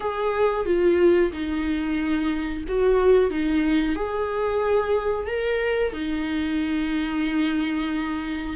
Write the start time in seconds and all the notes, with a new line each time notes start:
0.00 G#4
0.65 F4
1.32 D#4
2.68 F#4
3.30 D#4
3.95 G#4
5.27 A#4
5.92 D#4